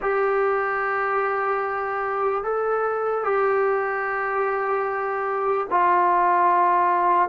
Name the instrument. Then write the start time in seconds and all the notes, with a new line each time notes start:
trombone
0.01 G4
2.43 A4
3.24 G4
5.70 F4